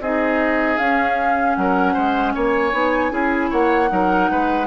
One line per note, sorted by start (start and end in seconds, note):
0.00 0.78 C4
0.00 0.79 D#4
0.00 1.57 G#4
0.00 0.77 D#5
0.77 1.56 C#4
0.77 2.72 C#4
0.77 1.55 F5
1.55 1.96 F#3
1.55 1.94 A#4
1.55 2.33 F#5
1.94 2.35 G#3
1.94 2.32 C5
2.35 2.73 A#3
2.35 3.12 C#5
2.35 3.52 G#5
2.72 3.11 B3
2.72 3.11 D#4
3.11 3.50 C#4
3.11 3.88 E4
3.11 3.50 G#4
3.50 3.91 A#3
3.50 3.89 C#5
3.50 4.67 F#5
3.88 4.30 F#3
3.88 4.66 D#4
3.88 4.31 A#4
4.31 4.67 G#3
4.31 4.67 B4